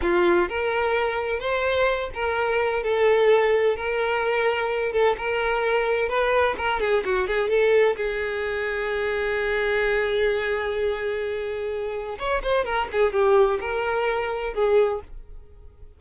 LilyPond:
\new Staff \with { instrumentName = "violin" } { \time 4/4 \tempo 4 = 128 f'4 ais'2 c''4~ | c''8 ais'4. a'2 | ais'2~ ais'8 a'8 ais'4~ | ais'4 b'4 ais'8 gis'8 fis'8 gis'8 |
a'4 gis'2.~ | gis'1~ | gis'2 cis''8 c''8 ais'8 gis'8 | g'4 ais'2 gis'4 | }